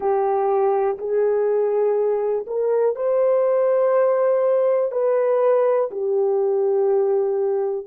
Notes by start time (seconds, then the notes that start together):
0.00 G4
0.98 G#4
2.46 A#4
2.95 C5
4.91 B4
5.90 G4